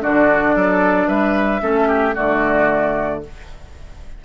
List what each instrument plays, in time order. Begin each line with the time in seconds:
0.00 bassoon D3, clarinet D4, oboe F#4, flute D5
0.55 bassoon F#3, oboe A4
1.07 bassoon G3, oboe B4, flute E5
1.60 bassoon A3, clarinet C#4, oboe A4
1.87 oboe G4
2.15 bassoon D3, clarinet A3, oboe F#4, flute D5